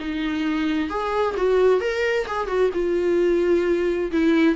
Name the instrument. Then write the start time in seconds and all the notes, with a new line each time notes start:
viola
0.00 D#4
0.90 G#4
1.37 F#4
1.81 A#4
2.27 G#4
2.48 F#4
2.74 F4
4.12 E4